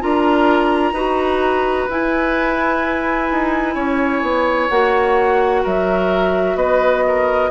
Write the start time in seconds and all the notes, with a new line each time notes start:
0.00 D4 F4 A#4 A#5
0.92 D#4 F#4 B4
1.89 E4 G#5
3.31 D#4
3.75 C#4 C#5
4.22 B3
4.70 A#3 F#4 F#5
5.63 F#3 A#4 E5
6.55 B3 B4 D#5
7.07 A#4